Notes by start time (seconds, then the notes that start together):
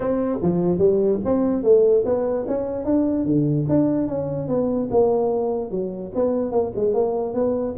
0.00 C4
0.42 F3
0.78 G3
1.24 C4
1.63 A3
2.05 B3
2.47 C#4
2.84 D4
3.25 D3
3.68 D4
4.07 C#4
4.48 B3
4.90 A#3
5.71 F#3
6.14 B3
6.51 A#3
6.75 G#3
6.94 A#3
7.33 B3